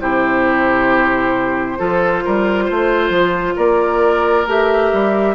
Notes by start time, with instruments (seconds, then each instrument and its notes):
0.00 bassoon C3, clarinet E4, oboe G4, flute C5
1.78 bassoon F3, clarinet F4, oboe A4
2.25 bassoon G3, oboe A#4
2.64 bassoon A3, oboe C5
3.10 bassoon F3
3.56 bassoon A#3, oboe A#4, flute D5
4.46 bassoon A3, clarinet G4, flute E5
4.93 bassoon G3